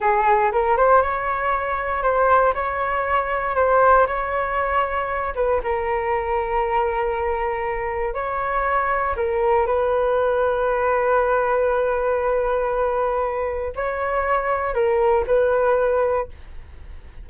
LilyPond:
\new Staff \with { instrumentName = "flute" } { \time 4/4 \tempo 4 = 118 gis'4 ais'8 c''8 cis''2 | c''4 cis''2 c''4 | cis''2~ cis''8 b'8 ais'4~ | ais'1 |
cis''2 ais'4 b'4~ | b'1~ | b'2. cis''4~ | cis''4 ais'4 b'2 | }